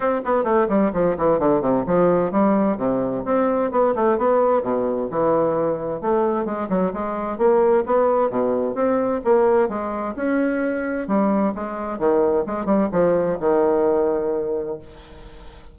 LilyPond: \new Staff \with { instrumentName = "bassoon" } { \time 4/4 \tempo 4 = 130 c'8 b8 a8 g8 f8 e8 d8 c8 | f4 g4 c4 c'4 | b8 a8 b4 b,4 e4~ | e4 a4 gis8 fis8 gis4 |
ais4 b4 b,4 c'4 | ais4 gis4 cis'2 | g4 gis4 dis4 gis8 g8 | f4 dis2. | }